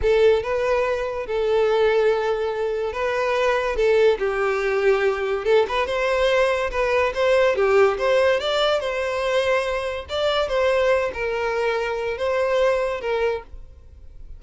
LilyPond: \new Staff \with { instrumentName = "violin" } { \time 4/4 \tempo 4 = 143 a'4 b'2 a'4~ | a'2. b'4~ | b'4 a'4 g'2~ | g'4 a'8 b'8 c''2 |
b'4 c''4 g'4 c''4 | d''4 c''2. | d''4 c''4. ais'4.~ | ais'4 c''2 ais'4 | }